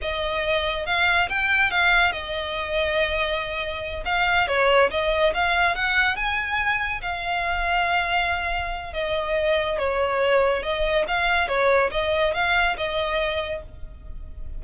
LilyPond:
\new Staff \with { instrumentName = "violin" } { \time 4/4 \tempo 4 = 141 dis''2 f''4 g''4 | f''4 dis''2.~ | dis''4. f''4 cis''4 dis''8~ | dis''8 f''4 fis''4 gis''4.~ |
gis''8 f''2.~ f''8~ | f''4 dis''2 cis''4~ | cis''4 dis''4 f''4 cis''4 | dis''4 f''4 dis''2 | }